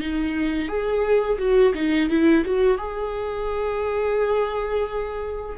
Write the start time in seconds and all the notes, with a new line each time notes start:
0.00 D#4
0.68 G#4
1.38 F#4
1.74 D#4
2.09 E4
2.45 F#4
2.77 G#4